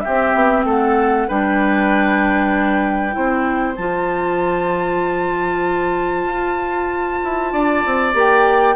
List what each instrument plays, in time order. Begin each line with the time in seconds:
0.00 clarinet C4, oboe G4, flute E5
0.07 bassoon C4
0.35 bassoon B3
0.65 bassoon A3, oboe A4, flute F#5
1.28 bassoon G3, clarinet D4, oboe B4, flute G5
3.11 bassoon C4, clarinet E4, oboe C5
3.76 bassoon F3, clarinet F4, flute A5
6.26 bassoon F4
7.24 bassoon E4
7.53 bassoon D4, oboe D5
7.86 bassoon C4
8.13 bassoon A#3, clarinet G4, flute G5